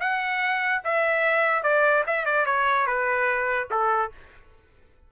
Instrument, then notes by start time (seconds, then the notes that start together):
trumpet
0.00 F#5
0.84 E5
1.63 D5
2.06 E5
2.25 D5
2.45 C#5
2.86 B4
3.70 A4